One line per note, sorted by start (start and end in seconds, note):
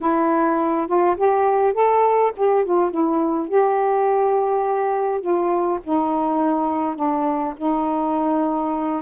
0.00 0.87 E4
0.87 1.16 F4
1.16 1.73 G4
1.73 2.31 A4
2.36 2.64 G4
2.64 2.90 F4
2.90 3.48 E4
3.48 5.21 G4
5.21 5.79 F4
5.83 6.95 D#4
6.95 7.54 D4
7.56 9.02 D#4